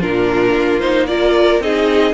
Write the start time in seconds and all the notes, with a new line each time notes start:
0.00 A#2 D4 F4 A#4
0.53 A#3
0.80 D#4 C5
1.07 F4 A#4 D5
1.60 C4 D#4 G#4 D#5